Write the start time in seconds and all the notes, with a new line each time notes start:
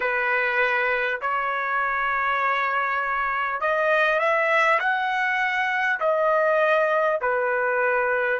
0.00 B4
1.21 C#5
3.60 D#5
4.19 E5
4.79 F#5
5.99 D#5
7.21 B4